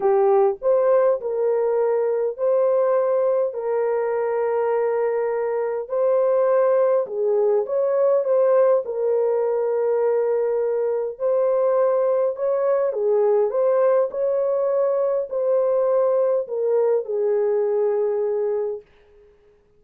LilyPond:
\new Staff \with { instrumentName = "horn" } { \time 4/4 \tempo 4 = 102 g'4 c''4 ais'2 | c''2 ais'2~ | ais'2 c''2 | gis'4 cis''4 c''4 ais'4~ |
ais'2. c''4~ | c''4 cis''4 gis'4 c''4 | cis''2 c''2 | ais'4 gis'2. | }